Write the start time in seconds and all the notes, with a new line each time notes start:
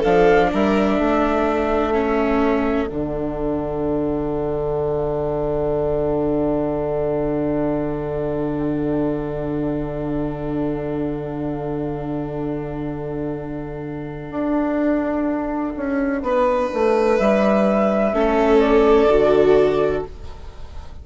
0.00 F3 D4 A4 F5
0.52 G3 A#4 E5
0.98 A3 A4
1.93 C#4
2.88 D3 D4 F#5
14.30 D4
15.77 C#4
16.22 B3 B4
16.74 A3
17.17 G3 E5
18.13 A3 C#4 A4
18.60 D5
19.08 D3 F#4